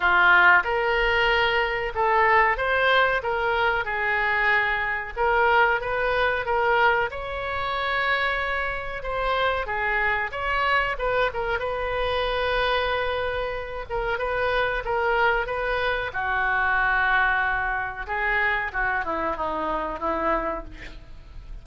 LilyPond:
\new Staff \with { instrumentName = "oboe" } { \time 4/4 \tempo 4 = 93 f'4 ais'2 a'4 | c''4 ais'4 gis'2 | ais'4 b'4 ais'4 cis''4~ | cis''2 c''4 gis'4 |
cis''4 b'8 ais'8 b'2~ | b'4. ais'8 b'4 ais'4 | b'4 fis'2. | gis'4 fis'8 e'8 dis'4 e'4 | }